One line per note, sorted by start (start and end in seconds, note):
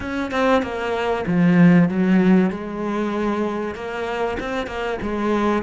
0.00 0.31 C#4
0.31 0.62 C4
0.62 1.24 A#3
1.26 1.88 F3
1.88 2.50 F#3
2.50 3.74 G#3
3.74 4.37 A#3
4.39 4.66 C4
4.66 4.98 A#3
5.01 5.62 G#3